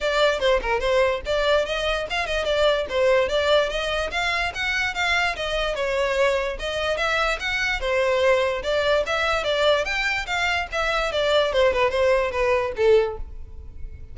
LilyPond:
\new Staff \with { instrumentName = "violin" } { \time 4/4 \tempo 4 = 146 d''4 c''8 ais'8 c''4 d''4 | dis''4 f''8 dis''8 d''4 c''4 | d''4 dis''4 f''4 fis''4 | f''4 dis''4 cis''2 |
dis''4 e''4 fis''4 c''4~ | c''4 d''4 e''4 d''4 | g''4 f''4 e''4 d''4 | c''8 b'8 c''4 b'4 a'4 | }